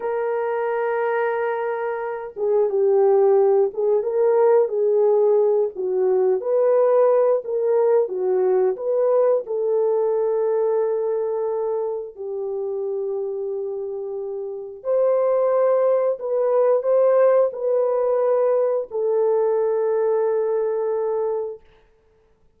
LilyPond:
\new Staff \with { instrumentName = "horn" } { \time 4/4 \tempo 4 = 89 ais'2.~ ais'8 gis'8 | g'4. gis'8 ais'4 gis'4~ | gis'8 fis'4 b'4. ais'4 | fis'4 b'4 a'2~ |
a'2 g'2~ | g'2 c''2 | b'4 c''4 b'2 | a'1 | }